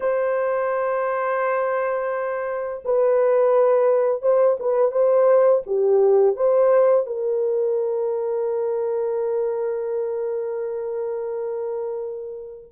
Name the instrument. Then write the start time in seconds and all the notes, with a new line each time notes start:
horn
0.00 C5
2.85 B4
4.22 C5
4.59 B4
4.91 C5
5.66 G4
6.36 C5
7.06 A#4